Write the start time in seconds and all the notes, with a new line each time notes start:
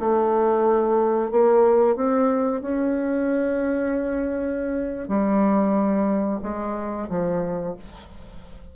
0.00 A3
1.31 A#3
1.96 C4
2.62 C#4
5.08 G3
6.43 G#3
7.10 F3